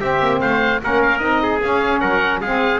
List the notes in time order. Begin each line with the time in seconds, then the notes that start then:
0.00 C4 G4 E5
0.20 A#3
0.41 A3 C5 F5
0.82 A#3 C#4 A#4 F#5
1.02 F5
1.18 C4 D#4 D#5
1.42 G#4
1.62 C#4 F5
2.00 F#3 A#4 F#5
2.41 G#3 C4 G#4 F5